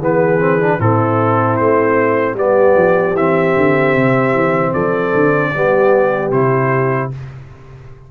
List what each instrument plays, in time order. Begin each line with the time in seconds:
0.00 tuba E3, trombone B3, horn G#4, trumpet B4
0.40 trombone C4
0.60 trombone D4
0.79 tuba A2, trombone C4, horn E4, trumpet A4
1.57 tuba A3, trumpet C5
2.34 tuba G3, trombone B3, horn G4, trumpet D5
2.76 tuba F3
3.15 tuba E3, trombone C4, trumpet E5
3.56 tuba D3
3.96 tuba C3
4.34 tuba E3
4.73 tuba F3, horn A4, trumpet D5
5.14 tuba D3
5.53 tuba G3, trombone B3, horn G4
6.31 tuba C3, trombone E4, trumpet C5